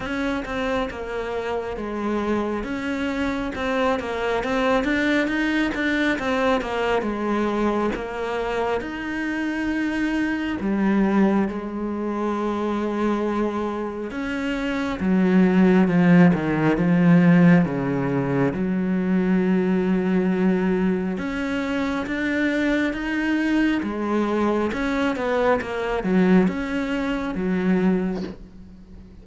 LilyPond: \new Staff \with { instrumentName = "cello" } { \time 4/4 \tempo 4 = 68 cis'8 c'8 ais4 gis4 cis'4 | c'8 ais8 c'8 d'8 dis'8 d'8 c'8 ais8 | gis4 ais4 dis'2 | g4 gis2. |
cis'4 fis4 f8 dis8 f4 | cis4 fis2. | cis'4 d'4 dis'4 gis4 | cis'8 b8 ais8 fis8 cis'4 fis4 | }